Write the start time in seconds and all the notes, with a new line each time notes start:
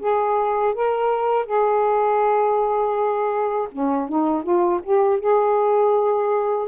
0.00 G#4
0.74 A#4
1.46 G#4
3.72 C#4
4.08 D#4
4.43 F4
4.83 G4
5.20 G#4